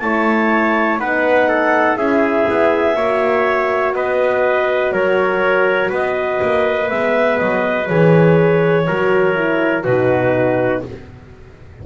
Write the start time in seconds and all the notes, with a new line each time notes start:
0.00 A3 E4 C#5 A5
0.99 B3 D#4 B4 F#5
1.49 A4
1.97 C#4 E4 G#4 E5
2.49 B3
2.97 A#3 F#4 C#5
3.94 B3 B4 D#5
4.92 F#3 A#4 C#5
5.90 B3 B4 D#5
6.42 A#3
6.90 G#3 B3 E5
7.39 F#3 D#5
7.87 E3 G#4 C#5
8.87 F#3 F#4 A#4
9.35 E4
9.84 B2 D#4 F#4 B4